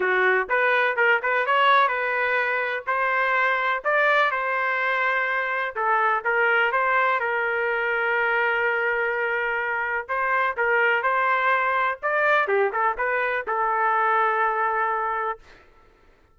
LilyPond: \new Staff \with { instrumentName = "trumpet" } { \time 4/4 \tempo 4 = 125 fis'4 b'4 ais'8 b'8 cis''4 | b'2 c''2 | d''4 c''2. | a'4 ais'4 c''4 ais'4~ |
ais'1~ | ais'4 c''4 ais'4 c''4~ | c''4 d''4 g'8 a'8 b'4 | a'1 | }